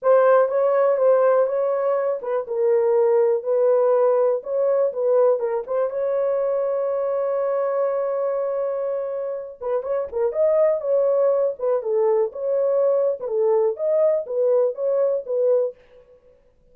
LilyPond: \new Staff \with { instrumentName = "horn" } { \time 4/4 \tempo 4 = 122 c''4 cis''4 c''4 cis''4~ | cis''8 b'8 ais'2 b'4~ | b'4 cis''4 b'4 ais'8 c''8 | cis''1~ |
cis''2.~ cis''8 b'8 | cis''8 ais'8 dis''4 cis''4. b'8 | a'4 cis''4.~ cis''16 b'16 a'4 | dis''4 b'4 cis''4 b'4 | }